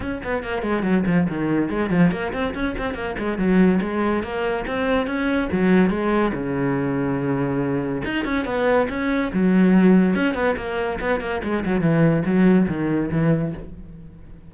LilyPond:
\new Staff \with { instrumentName = "cello" } { \time 4/4 \tempo 4 = 142 cis'8 b8 ais8 gis8 fis8 f8 dis4 | gis8 f8 ais8 c'8 cis'8 c'8 ais8 gis8 | fis4 gis4 ais4 c'4 | cis'4 fis4 gis4 cis4~ |
cis2. dis'8 cis'8 | b4 cis'4 fis2 | cis'8 b8 ais4 b8 ais8 gis8 fis8 | e4 fis4 dis4 e4 | }